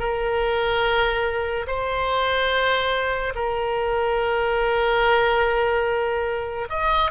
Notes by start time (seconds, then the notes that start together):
0.00 A#4
1.67 C5
3.35 A#4
6.70 D#5